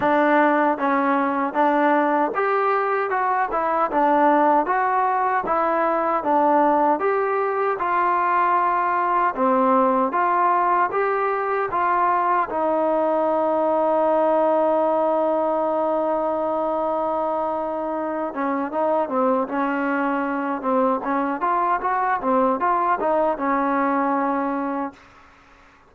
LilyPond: \new Staff \with { instrumentName = "trombone" } { \time 4/4 \tempo 4 = 77 d'4 cis'4 d'4 g'4 | fis'8 e'8 d'4 fis'4 e'4 | d'4 g'4 f'2 | c'4 f'4 g'4 f'4 |
dis'1~ | dis'2.~ dis'8 cis'8 | dis'8 c'8 cis'4. c'8 cis'8 f'8 | fis'8 c'8 f'8 dis'8 cis'2 | }